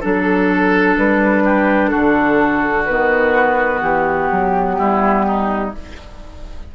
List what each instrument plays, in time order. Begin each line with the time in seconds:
0.00 bassoon F#3, clarinet D4, oboe A4, flute A4
0.97 bassoon G3, flute B4
1.44 oboe G4
1.88 oboe F#4, flute A4
1.95 bassoon D3
2.86 bassoon D#3, clarinet B3, flute B4
3.81 bassoon E3, flute G4
4.31 bassoon F#3
4.78 bassoon G3, oboe E4
5.27 oboe D#4